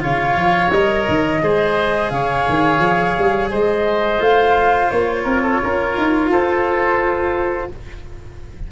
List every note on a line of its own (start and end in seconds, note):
0.00 0.35 C#3
0.00 0.70 F4
0.00 1.42 C#5
0.00 0.71 F5
0.35 0.70 F3
0.71 1.06 G3
0.71 1.42 A#4
0.71 2.09 D#5
1.08 1.42 D#3
1.42 2.10 G#3
1.42 4.18 G#4
1.42 2.12 C5
2.09 2.45 C#3
2.09 3.50 C#5
2.09 3.49 F5
2.49 2.79 D#3
2.79 3.14 F3
3.19 3.52 G3
3.50 4.19 G#3
3.50 5.23 C5
3.50 4.22 D#5
4.18 4.89 A3
4.18 7.67 F4
4.18 4.90 F5
4.90 5.25 A#3
4.90 6.29 C#5
5.23 5.60 C4
5.23 5.41 A#4
5.42 5.59 A4
5.63 5.97 C#4
5.63 6.31 A#4
5.97 6.29 D#4
6.29 7.69 F4
6.29 7.70 A4
6.29 7.71 C5